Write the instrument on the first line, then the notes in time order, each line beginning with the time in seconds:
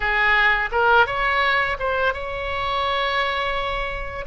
oboe
0.00 G#4
0.71 A#4
1.06 C#5
1.79 C5
2.13 C#5